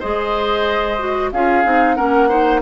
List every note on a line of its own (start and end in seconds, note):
0.00 1.32 G#3
0.00 0.99 G#4
0.00 1.30 C5
0.00 1.31 D#5
0.99 1.32 F#4
1.32 1.65 C#4
1.32 1.64 F4
1.32 1.96 G#4
1.32 1.95 F5
1.64 1.98 C4
1.64 1.97 D#4
1.95 2.62 A#3
1.95 2.29 C#4
1.95 2.29 A#4
1.95 2.60 F#5
2.29 2.62 D#4
2.29 2.61 C5